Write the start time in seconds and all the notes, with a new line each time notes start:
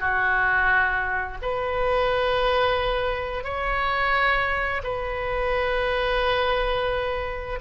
0.00 F#4
1.42 B4
3.44 C#5
4.83 B4